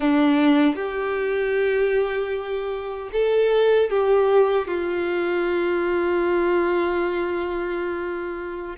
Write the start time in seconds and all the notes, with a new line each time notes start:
0.00 D4
0.75 G4
3.12 A4
3.90 G4
4.67 F4